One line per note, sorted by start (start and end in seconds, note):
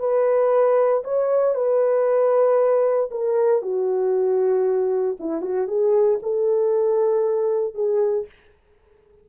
0.00 1.03 B4
1.04 1.55 C#5
1.55 3.11 B4
3.11 3.63 A#4
3.63 5.18 F#4
5.20 5.42 E4
5.42 5.68 F#4
5.68 6.20 G#4
6.23 7.75 A4
7.75 8.27 G#4